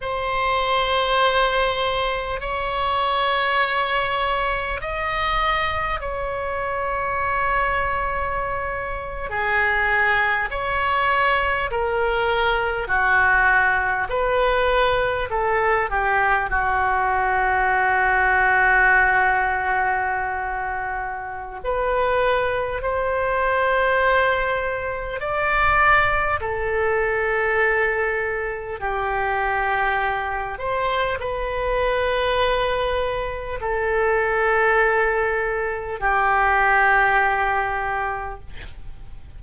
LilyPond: \new Staff \with { instrumentName = "oboe" } { \time 4/4 \tempo 4 = 50 c''2 cis''2 | dis''4 cis''2~ cis''8. gis'16~ | gis'8. cis''4 ais'4 fis'4 b'16~ | b'8. a'8 g'8 fis'2~ fis'16~ |
fis'2 b'4 c''4~ | c''4 d''4 a'2 | g'4. c''8 b'2 | a'2 g'2 | }